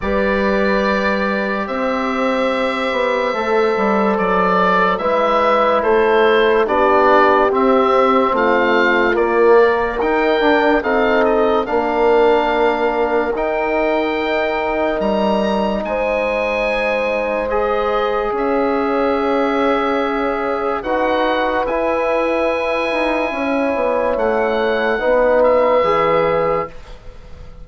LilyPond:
<<
  \new Staff \with { instrumentName = "oboe" } { \time 4/4 \tempo 4 = 72 d''2 e''2~ | e''4 d''4 e''4 c''4 | d''4 e''4 f''4 d''4 | g''4 f''8 dis''8 f''2 |
g''2 ais''4 gis''4~ | gis''4 dis''4 e''2~ | e''4 fis''4 gis''2~ | gis''4 fis''4. e''4. | }
  \new Staff \with { instrumentName = "horn" } { \time 4/4 b'2 c''2~ | c''2 b'4 a'4 | g'2 f'4. ais'8~ | ais'4 a'4 ais'2~ |
ais'2. c''4~ | c''2 cis''2~ | cis''4 b'2. | cis''2 b'2 | }
  \new Staff \with { instrumentName = "trombone" } { \time 4/4 g'1 | a'2 e'2 | d'4 c'2 ais4 | dis'8 d'8 dis'4 d'2 |
dis'1~ | dis'4 gis'2.~ | gis'4 fis'4 e'2~ | e'2 dis'4 gis'4 | }
  \new Staff \with { instrumentName = "bassoon" } { \time 4/4 g2 c'4. b8 | a8 g8 fis4 gis4 a4 | b4 c'4 a4 ais4 | dis'8 d'8 c'4 ais2 |
dis'2 g4 gis4~ | gis2 cis'2~ | cis'4 dis'4 e'4. dis'8 | cis'8 b8 a4 b4 e4 | }
>>